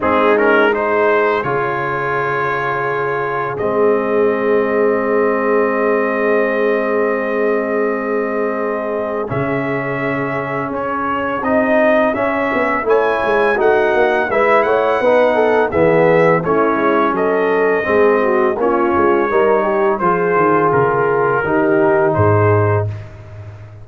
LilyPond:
<<
  \new Staff \with { instrumentName = "trumpet" } { \time 4/4 \tempo 4 = 84 gis'8 ais'8 c''4 cis''2~ | cis''4 dis''2.~ | dis''1~ | dis''4 e''2 cis''4 |
dis''4 e''4 gis''4 fis''4 | e''8 fis''4. e''4 cis''4 | dis''2 cis''2 | c''4 ais'2 c''4 | }
  \new Staff \with { instrumentName = "horn" } { \time 4/4 dis'4 gis'2.~ | gis'1~ | gis'1~ | gis'1~ |
gis'2 cis''4 fis'4 | b'8 cis''8 b'8 a'8 gis'4 e'4 | a'4 gis'8 fis'8 f'4 ais'8 g'8 | gis'2 g'4 gis'4 | }
  \new Staff \with { instrumentName = "trombone" } { \time 4/4 c'8 cis'8 dis'4 f'2~ | f'4 c'2.~ | c'1~ | c'4 cis'2. |
dis'4 cis'4 e'4 dis'4 | e'4 dis'4 b4 cis'4~ | cis'4 c'4 cis'4 dis'4 | f'2 dis'2 | }
  \new Staff \with { instrumentName = "tuba" } { \time 4/4 gis2 cis2~ | cis4 gis2.~ | gis1~ | gis4 cis2 cis'4 |
c'4 cis'8 b8 a8 gis8 a8 ais8 | gis8 a8 b4 e4 a8 gis8 | fis4 gis4 ais8 gis8 g4 | f8 dis8 cis4 dis4 gis,4 | }
>>